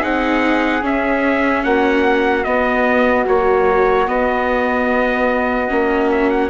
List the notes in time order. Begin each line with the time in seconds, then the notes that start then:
0.00 C4 D#4 G#4 F#5
0.82 C#4 E5
1.64 A#3 F#4 F#5
2.44 B3 D#5
3.26 F#3 A#3 C#5
4.08 B3 D#5
5.69 A#3 C#4
6.12 E5
6.30 F#5